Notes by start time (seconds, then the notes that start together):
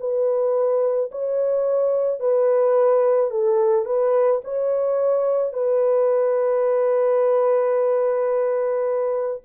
0.00 B4
1.12 C#5
2.20 B4
3.31 A4
3.86 B4
4.44 C#5
5.53 B4